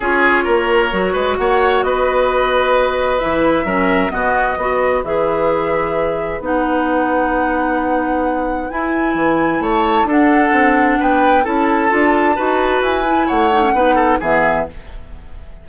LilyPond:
<<
  \new Staff \with { instrumentName = "flute" } { \time 4/4 \tempo 4 = 131 cis''2. fis''4 | dis''2. e''4~ | e''4 dis''2 e''4~ | e''2 fis''2~ |
fis''2. gis''4~ | gis''4 a''4 fis''2 | g''4 a''2. | gis''4 fis''2 e''4 | }
  \new Staff \with { instrumentName = "oboe" } { \time 4/4 gis'4 ais'4. b'8 cis''4 | b'1 | ais'4 fis'4 b'2~ | b'1~ |
b'1~ | b'4 cis''4 a'2 | b'4 a'2 b'4~ | b'4 cis''4 b'8 a'8 gis'4 | }
  \new Staff \with { instrumentName = "clarinet" } { \time 4/4 f'2 fis'2~ | fis'2. e'4 | cis'4 b4 fis'4 gis'4~ | gis'2 dis'2~ |
dis'2. e'4~ | e'2 d'2~ | d'4 e'4 f'4 fis'4~ | fis'8 e'4 dis'16 cis'16 dis'4 b4 | }
  \new Staff \with { instrumentName = "bassoon" } { \time 4/4 cis'4 ais4 fis8 gis8 ais4 | b2. e4 | fis4 b,4 b4 e4~ | e2 b2~ |
b2. e'4 | e4 a4 d'4 c'4 | b4 cis'4 d'4 dis'4 | e'4 a4 b4 e4 | }
>>